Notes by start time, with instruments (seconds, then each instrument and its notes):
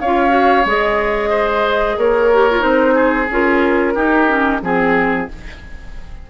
0.00 bassoon C#4, clarinet F4, oboe C#5, flute F5
0.29 clarinet F#4
0.65 bassoon G#3, clarinet G#4, flute D#5
1.29 oboe C5
1.97 bassoon A#3, oboe A#4, flute C#5
2.33 clarinet G4
2.50 clarinet F4
2.60 bassoon C4, clarinet D#4, flute C5
2.94 oboe G#4
3.30 bassoon C#4, clarinet F4, flute A#4
3.95 clarinet D#4, bassoon D#4, oboe G4
4.27 clarinet C#4
4.62 bassoon F3, clarinet C4, flute G#4, oboe G#4